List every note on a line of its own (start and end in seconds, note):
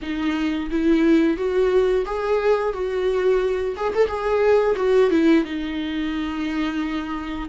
0.02 0.70 D#4
0.71 1.37 E4
1.37 2.05 F#4
2.05 2.73 G#4
2.73 3.75 F#4
3.76 3.93 G#4
3.94 4.07 A4
4.07 4.75 G#4
4.76 5.10 F#4
5.10 5.44 E4
5.44 7.48 D#4